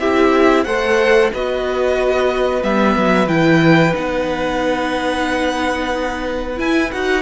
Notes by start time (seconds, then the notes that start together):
0.00 C4 E4 G4 E5
0.65 A3 A4 C5 F#5
1.34 B3 F#4 B4 D#5
2.62 G3 B3 E5
2.97 F#3
3.28 E3 E4 G5
3.93 B3 D#4 F#5
6.57 E4 G#5
6.92 D#4 F#4 F#5